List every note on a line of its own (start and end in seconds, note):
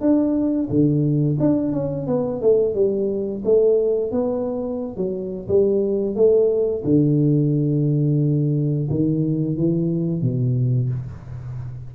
0.00 0.68 D4
0.69 1.38 D3
1.39 1.72 D4
1.72 2.06 C#4
2.07 2.41 B3
2.41 2.74 A3
2.74 3.42 G3
3.44 4.11 A3
4.11 4.96 B3
4.96 5.47 F#3
5.48 6.15 G3
6.15 6.83 A3
6.84 8.88 D3
8.90 9.56 D#3
9.56 10.21 E3
10.21 10.89 B2